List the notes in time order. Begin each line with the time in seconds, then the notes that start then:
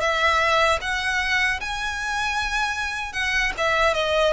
0.00 E5
0.81 F#5
1.60 G#5
3.13 F#5
3.57 E5
3.94 D#5